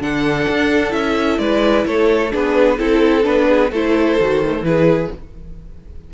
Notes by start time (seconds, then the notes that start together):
0.00 D3 D4 A4 F#5
0.48 D4
0.90 C#4 E4 E5
1.38 G#3 B4 D5
1.85 A3 A4 C#5
2.31 B3 D4 G#4 B4
2.78 C4 E4 A4
3.22 B3 D4 B4
3.48 G#4
3.71 A3 E4 A4 C5
4.20 D#3 F#4
4.44 A3
4.61 E3 E4 B4
4.67 G#4